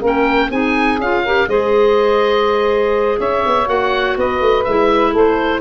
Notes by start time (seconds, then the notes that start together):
0.00 A#3 C#4 A#4
0.06 G5
0.50 C4 D#4 G#4 G#5
0.98 C#4 F4 F5
1.23 G4 A#4
1.47 G#3 G#4 C5 D#5
3.18 C#4 C#5 E5
3.46 B3
3.66 A#3 F#4 F#5
4.17 B3 B4 D#5
4.40 A3
4.64 G#3 E4 E5
5.11 A3 A4
5.17 C5